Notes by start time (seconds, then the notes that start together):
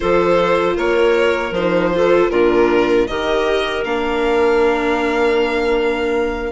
0.00 F3 F4 A4 C5
0.75 A#3 A#4 C#5
1.51 F3 C5
1.58 D#4
1.94 F4 A4
2.29 A#2 D4 F4 A#4
3.07 D#3 G4 A#4 D#5
3.84 A#3 D4 F5